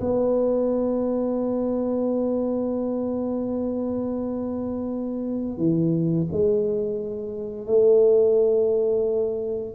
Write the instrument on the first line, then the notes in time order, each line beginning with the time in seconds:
tuba
0.00 B3
5.57 E3
6.31 G#3
7.66 A3